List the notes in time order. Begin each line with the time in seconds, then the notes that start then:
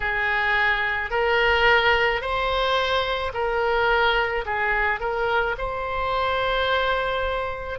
0.00 G#4
1.10 A#4
2.21 C5
3.33 A#4
4.45 G#4
4.99 A#4
5.58 C5